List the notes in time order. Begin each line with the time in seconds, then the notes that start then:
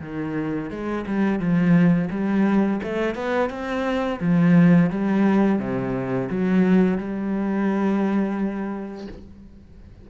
0.00 D#3
0.70 G#3
1.06 G3
1.39 F3
2.10 G3
2.83 A3
3.15 B3
3.49 C4
4.20 F3
4.90 G3
5.59 C3
6.29 F#3
6.98 G3